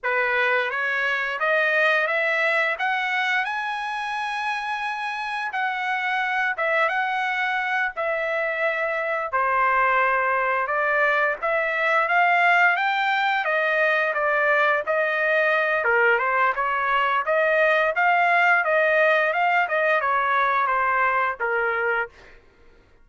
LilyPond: \new Staff \with { instrumentName = "trumpet" } { \time 4/4 \tempo 4 = 87 b'4 cis''4 dis''4 e''4 | fis''4 gis''2. | fis''4. e''8 fis''4. e''8~ | e''4. c''2 d''8~ |
d''8 e''4 f''4 g''4 dis''8~ | dis''8 d''4 dis''4. ais'8 c''8 | cis''4 dis''4 f''4 dis''4 | f''8 dis''8 cis''4 c''4 ais'4 | }